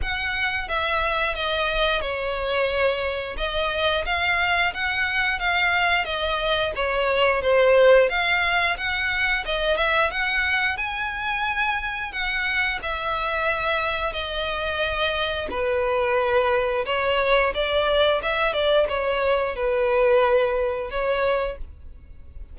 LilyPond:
\new Staff \with { instrumentName = "violin" } { \time 4/4 \tempo 4 = 89 fis''4 e''4 dis''4 cis''4~ | cis''4 dis''4 f''4 fis''4 | f''4 dis''4 cis''4 c''4 | f''4 fis''4 dis''8 e''8 fis''4 |
gis''2 fis''4 e''4~ | e''4 dis''2 b'4~ | b'4 cis''4 d''4 e''8 d''8 | cis''4 b'2 cis''4 | }